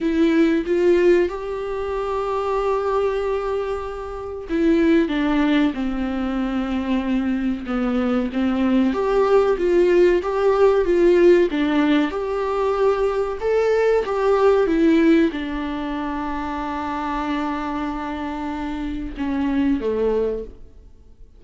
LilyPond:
\new Staff \with { instrumentName = "viola" } { \time 4/4 \tempo 4 = 94 e'4 f'4 g'2~ | g'2. e'4 | d'4 c'2. | b4 c'4 g'4 f'4 |
g'4 f'4 d'4 g'4~ | g'4 a'4 g'4 e'4 | d'1~ | d'2 cis'4 a4 | }